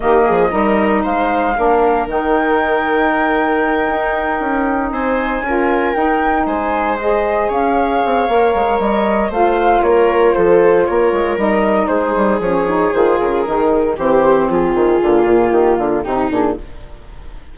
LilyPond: <<
  \new Staff \with { instrumentName = "flute" } { \time 4/4 \tempo 4 = 116 dis''2 f''2 | g''1~ | g''4. gis''2 g''8~ | g''8 gis''4 dis''4 f''4.~ |
f''4 dis''4 f''4 cis''4 | c''4 cis''4 dis''4 c''4 | cis''4 c''8 ais'4. c''4 | gis'2 g'8 f'8 g'8 gis'8 | }
  \new Staff \with { instrumentName = "viola" } { \time 4/4 g'8 gis'8 ais'4 c''4 ais'4~ | ais'1~ | ais'4. c''4 ais'4.~ | ais'8 c''2 cis''4.~ |
cis''2 c''4 ais'4 | a'4 ais'2 gis'4~ | gis'2. g'4 | f'2. dis'4 | }
  \new Staff \with { instrumentName = "saxophone" } { \time 4/4 ais4 dis'2 d'4 | dis'1~ | dis'2~ dis'8 f'4 dis'8~ | dis'4. gis'2~ gis'8 |
ais'2 f'2~ | f'2 dis'2 | cis'8 dis'8 f'4 dis'4 c'4~ | c'4 ais2 dis'8 d'8 | }
  \new Staff \with { instrumentName = "bassoon" } { \time 4/4 dis8 f8 g4 gis4 ais4 | dis2.~ dis8 dis'8~ | dis'8 cis'4 c'4 cis'4 dis'8~ | dis'8 gis2 cis'4 c'8 |
ais8 gis8 g4 a4 ais4 | f4 ais8 gis8 g4 gis8 g8 | f4 dis8 cis8 dis4 e4 | f8 dis8 d8 ais,8 dis8 d8 c8 ais,8 | }
>>